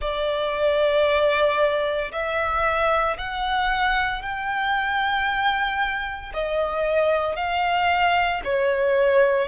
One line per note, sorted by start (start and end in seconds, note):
0.00 2.11 D5
2.11 3.17 E5
3.18 4.22 F#5
4.22 6.32 G5
6.33 7.35 D#5
7.35 8.41 F5
8.44 9.47 C#5